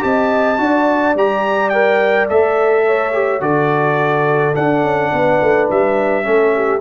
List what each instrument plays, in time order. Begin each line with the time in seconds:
0.00 tuba C4, trombone G4, horn D#5, trumpet A5
0.58 tuba D4, trombone F#4, horn D5
1.15 tuba G3, trombone G4, trumpet A#5
1.70 trombone A#4, trumpet G5
2.29 tuba A3, trombone A4, trumpet E5
2.86 horn C#5
3.12 trombone G4
3.41 tuba D3, trombone F#4, horn A4, trumpet D5
4.54 trombone D4, tuba D4, trumpet F#5
4.83 tuba C#4
5.13 tuba B3, horn B4
5.41 tuba A3
5.70 tuba G3, trumpet E5
6.23 tuba A3, trombone C#4, horn A4
6.55 horn G4